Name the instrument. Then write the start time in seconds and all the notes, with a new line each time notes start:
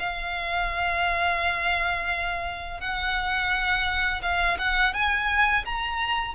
violin
0.00 F5
2.81 F#5
4.23 F5
4.59 F#5
4.94 G#5
5.66 A#5